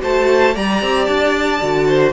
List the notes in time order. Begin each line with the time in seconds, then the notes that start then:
0.00 A3 F#4 C5 A5
0.55 G3 G4 D5 A#5
0.82 C4
1.05 D4 A5
1.61 D3 F#4
1.88 C5